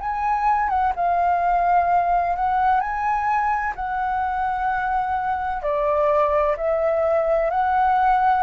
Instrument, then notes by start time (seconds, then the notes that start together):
flute
0.00 G#5
0.69 F#5
0.95 F5
2.36 F#5
2.80 G#5
3.75 F#5
5.62 D5
6.57 E5
7.50 F#5